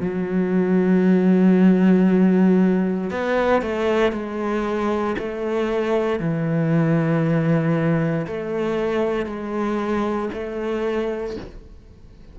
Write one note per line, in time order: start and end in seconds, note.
0.00 3.10 F#3
3.10 3.62 B3
3.62 4.12 A3
4.12 5.15 G#3
5.18 6.19 A3
6.19 8.26 E3
8.27 9.25 A3
9.25 10.29 G#3
10.33 11.37 A3